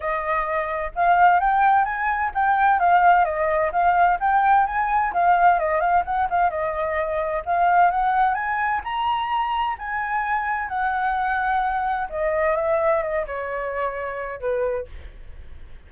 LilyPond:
\new Staff \with { instrumentName = "flute" } { \time 4/4 \tempo 4 = 129 dis''2 f''4 g''4 | gis''4 g''4 f''4 dis''4 | f''4 g''4 gis''4 f''4 | dis''8 f''8 fis''8 f''8 dis''2 |
f''4 fis''4 gis''4 ais''4~ | ais''4 gis''2 fis''4~ | fis''2 dis''4 e''4 | dis''8 cis''2~ cis''8 b'4 | }